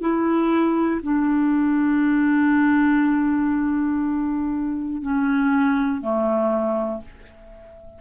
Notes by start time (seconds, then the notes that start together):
0.00 E4
1.02 D4
5.01 C#4
6.00 A3